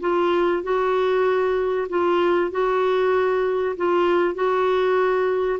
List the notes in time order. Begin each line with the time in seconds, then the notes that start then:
0.00 F4
0.62 F#4
1.89 F4
2.51 F#4
3.76 F4
4.34 F#4